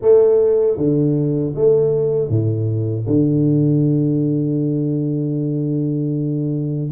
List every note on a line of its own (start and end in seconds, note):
0.01 0.77 A3
0.77 1.54 D3
1.55 2.28 A3
2.28 3.05 A2
3.06 6.91 D3